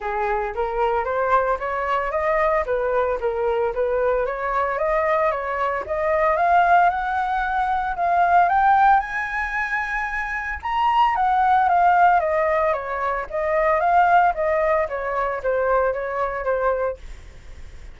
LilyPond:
\new Staff \with { instrumentName = "flute" } { \time 4/4 \tempo 4 = 113 gis'4 ais'4 c''4 cis''4 | dis''4 b'4 ais'4 b'4 | cis''4 dis''4 cis''4 dis''4 | f''4 fis''2 f''4 |
g''4 gis''2. | ais''4 fis''4 f''4 dis''4 | cis''4 dis''4 f''4 dis''4 | cis''4 c''4 cis''4 c''4 | }